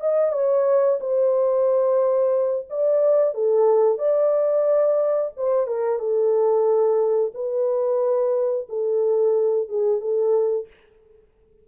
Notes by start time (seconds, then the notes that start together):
0.00 D#5
0.32 C#5
1.00 C5
2.69 D5
3.34 A4
3.98 D5
5.36 C5
5.66 A#4
5.98 A4
7.34 B4
8.68 A4
9.68 G#4
10.00 A4